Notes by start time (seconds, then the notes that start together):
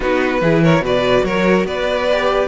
0.00 B3 D#4 F#4 B4
0.41 E3 E4 G#4
0.63 A#4 C#5
0.80 B2 F#4 B4 D5
1.23 F#3 A#4 C#5
1.64 B3 B4 D5
2.11 G4